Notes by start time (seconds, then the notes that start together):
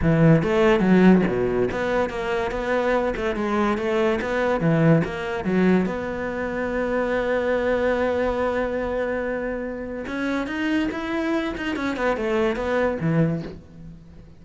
0.02 E3
0.42 A3
0.80 F#3
1.27 B2
1.71 B3
2.09 A#3
2.51 B3
3.16 A3
3.35 G#3
3.77 A3
4.21 B3
4.60 E3
5.04 A#3
5.44 F#3
5.85 B3
10.06 C#4
10.46 D#4
10.91 E4
11.57 D#4
11.76 C#4
11.96 B3
12.16 A3
12.55 B3
13.00 E3